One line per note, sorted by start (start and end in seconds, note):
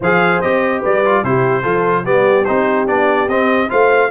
0.00 0.41 F3
0.00 0.42 G#4
0.00 0.80 C5
0.00 0.41 F5
0.41 0.84 C4
0.41 1.04 G4
0.41 0.82 D#5
0.80 1.23 G3
0.80 1.21 B4
0.80 1.24 D5
1.05 1.24 F4
1.23 1.64 C3
1.23 1.62 E4
1.23 1.62 G4
1.23 2.05 C5
1.62 2.05 F3
1.62 2.04 F4
1.62 2.03 A4
2.04 2.46 G3
2.04 2.45 B3
2.04 3.69 G4
2.04 2.44 D5
2.44 2.88 C4
2.44 2.87 D#4
2.44 2.86 C5
2.87 3.28 B3
2.87 3.28 D4
2.87 3.28 D5
3.28 3.69 C4
3.28 3.68 C4
3.28 3.70 D#5
3.68 4.10 A3
3.68 4.09 F4
3.68 4.10 C5
3.68 4.10 F5